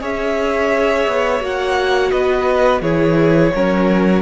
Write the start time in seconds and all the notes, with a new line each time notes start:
0.00 C#4 G#4 C#5 E5
1.07 B3
1.40 A#3 F#4 F#5
2.11 B3 B4 D#5
2.81 E3 E4 G#4 C#5
3.54 F#3 C#4 A#4